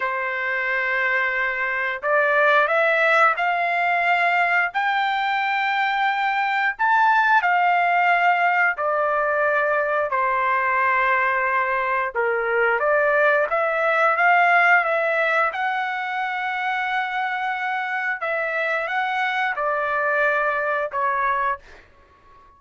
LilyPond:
\new Staff \with { instrumentName = "trumpet" } { \time 4/4 \tempo 4 = 89 c''2. d''4 | e''4 f''2 g''4~ | g''2 a''4 f''4~ | f''4 d''2 c''4~ |
c''2 ais'4 d''4 | e''4 f''4 e''4 fis''4~ | fis''2. e''4 | fis''4 d''2 cis''4 | }